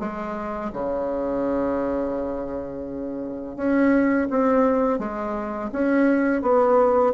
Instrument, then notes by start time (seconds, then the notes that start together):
bassoon
0.00 G#3
0.73 C#3
3.57 C#4
4.31 C4
4.99 G#3
5.72 C#4
6.42 B3